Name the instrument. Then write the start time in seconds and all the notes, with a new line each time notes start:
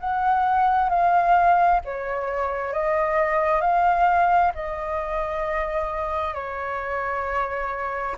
flute
0.00 F#5
0.90 F5
1.85 C#5
2.73 D#5
3.61 F5
4.55 D#5
6.34 C#5